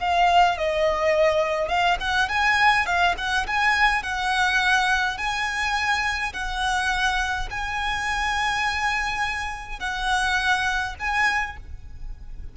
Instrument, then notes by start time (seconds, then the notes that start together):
violin
0.00 F5
0.57 D#5
1.69 F5
2.00 F#5
2.29 G#5
2.86 F5
3.18 F#5
3.47 G#5
4.03 F#5
5.17 G#5
6.33 F#5
7.50 G#5
9.80 F#5
10.99 G#5